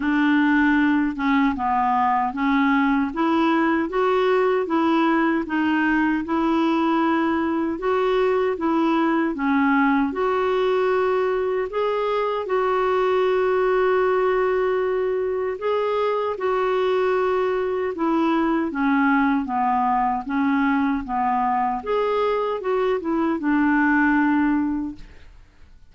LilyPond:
\new Staff \with { instrumentName = "clarinet" } { \time 4/4 \tempo 4 = 77 d'4. cis'8 b4 cis'4 | e'4 fis'4 e'4 dis'4 | e'2 fis'4 e'4 | cis'4 fis'2 gis'4 |
fis'1 | gis'4 fis'2 e'4 | cis'4 b4 cis'4 b4 | gis'4 fis'8 e'8 d'2 | }